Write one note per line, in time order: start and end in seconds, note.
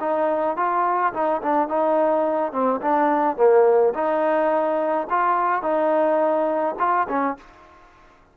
0.00 0.56 D#4
0.56 1.13 F4
1.13 1.41 D#4
1.42 1.68 D4
1.68 2.52 D#4
2.52 2.80 C4
2.81 3.36 D4
3.36 3.93 A#3
3.94 5.07 D#4
5.09 5.62 F4
5.62 6.75 D#4
6.79 7.07 F4
7.08 7.37 C#4